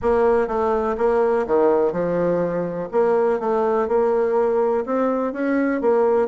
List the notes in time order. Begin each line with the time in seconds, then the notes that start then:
0.02 A#3
0.47 A3
0.97 A#3
1.46 D#3
1.92 F3
2.91 A#3
3.39 A3
3.88 A#3
4.85 C4
5.32 C#4
5.81 A#3